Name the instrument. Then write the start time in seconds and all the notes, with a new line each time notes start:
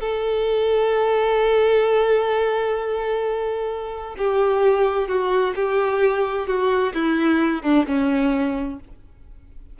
violin
0.00 A4
4.18 G4
5.08 F#4
5.55 G4
6.47 F#4
6.94 E4
7.62 D4
7.87 C#4